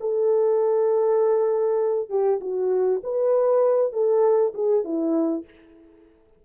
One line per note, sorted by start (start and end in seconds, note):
0.00 2.09 A4
2.09 2.39 G4
2.40 3.01 F#4
3.03 3.93 B4
3.93 4.53 A4
4.54 4.84 G#4
4.84 5.45 E4